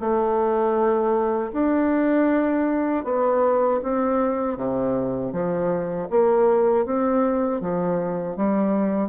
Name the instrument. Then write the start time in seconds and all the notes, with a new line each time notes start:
bassoon
0.00 A3
1.53 D4
3.05 B3
3.83 C4
4.57 C3
5.33 F3
6.10 A#3
6.86 C4
7.61 F3
8.37 G3